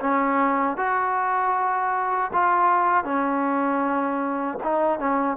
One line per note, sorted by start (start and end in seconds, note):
0.00 0.77 C#4
0.77 2.31 F#4
2.33 3.04 F4
3.04 4.58 C#4
4.63 4.99 D#4
4.99 5.37 C#4